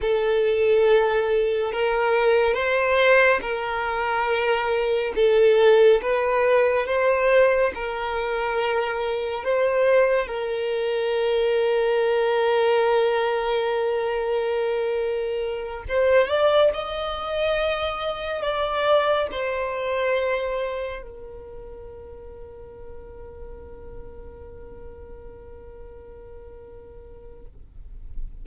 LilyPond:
\new Staff \with { instrumentName = "violin" } { \time 4/4 \tempo 4 = 70 a'2 ais'4 c''4 | ais'2 a'4 b'4 | c''4 ais'2 c''4 | ais'1~ |
ais'2~ ais'8 c''8 d''8 dis''8~ | dis''4. d''4 c''4.~ | c''8 ais'2.~ ais'8~ | ais'1 | }